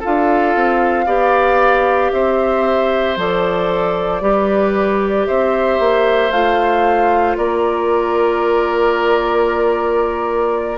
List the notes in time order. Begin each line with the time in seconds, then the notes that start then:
0.00 F4 A4 F5
0.07 D4
0.56 C4
1.06 B3 G4 D5
2.12 C4 C5 E5
3.17 F3 A4 D5
4.21 G3 G4 B4
5.27 C4 C5 E5
5.80 A#3
6.31 A3 F4 F5
7.37 A#3 A#4 D5